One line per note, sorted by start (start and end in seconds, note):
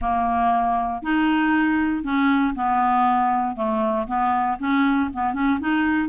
0.01 1.02 A#3
1.02 2.03 D#4
2.03 2.54 C#4
2.55 3.56 B3
3.56 4.07 A3
4.07 4.58 B3
4.59 5.10 C#4
5.13 5.33 B3
5.33 5.59 C#4
5.60 6.08 D#4